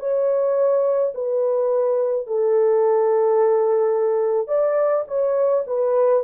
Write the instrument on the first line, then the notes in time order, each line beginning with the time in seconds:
horn
0.00 C#5
1.15 B4
2.27 A4
4.48 D5
5.08 C#5
5.67 B4